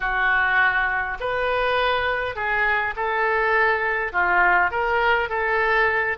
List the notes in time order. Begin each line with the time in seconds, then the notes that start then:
0.00 F#4
1.20 B4
2.35 G#4
2.96 A4
4.12 F4
4.71 A#4
5.29 A4